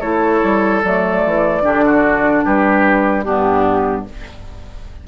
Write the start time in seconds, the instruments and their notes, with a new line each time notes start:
0.00 bassoon A3, clarinet E4, oboe A4, flute C#5
0.43 bassoon G3
0.83 bassoon F#3, clarinet A3, flute D5
1.25 bassoon E3
1.62 bassoon D3, clarinet D4, oboe G4
1.85 oboe F#4
2.44 bassoon G3, oboe G4, flute B4
3.22 bassoon G2, clarinet B3, oboe D4, flute G4